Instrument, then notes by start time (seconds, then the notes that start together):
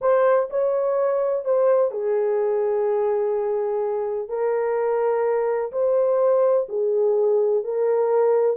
horn
0.01 C5
0.50 C#5
1.44 C5
1.91 G#4
4.29 A#4
5.72 C5
6.68 G#4
7.64 A#4